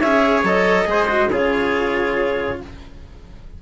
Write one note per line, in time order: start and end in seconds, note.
0.00 0.44 C#4
0.00 0.46 G#4
0.00 0.86 C#5
0.00 0.43 E5
0.44 0.86 F#3
0.44 0.86 A4
0.44 1.32 D#5
0.86 1.30 G#3
0.86 1.07 G#4
0.86 1.31 C5
1.08 1.30 F#4
1.31 2.59 C#3
1.31 2.61 F4
1.31 2.59 G#4
1.31 2.62 C#5